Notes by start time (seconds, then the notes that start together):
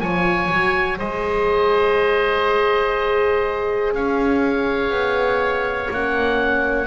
0.00 F3 F4 C#5 G#5
0.50 F#3 F#4
0.98 G#3 G#4 C5 D#5
3.93 C#4 C#5 F5
4.90 B3
5.91 A#3 C#4 F#5